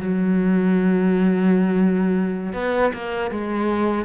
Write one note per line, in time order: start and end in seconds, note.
0.00 2.53 F#3
2.53 2.92 B3
2.93 3.31 A#3
3.31 4.05 G#3